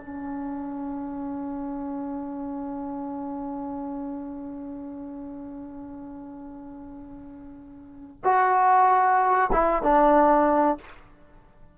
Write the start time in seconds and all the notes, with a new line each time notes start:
0.00 C#4
8.24 F#4
9.52 E4
9.82 D4